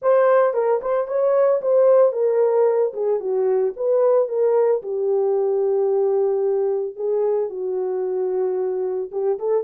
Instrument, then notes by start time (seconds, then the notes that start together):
horn
0.01 C5
0.53 A#4
0.81 C5
1.07 C#5
1.61 C5
2.12 A#4
2.93 G#4
3.20 F#4
3.76 B4
4.28 A#4
4.82 G4
6.96 G#4
7.49 F#4
9.11 G4
9.38 A4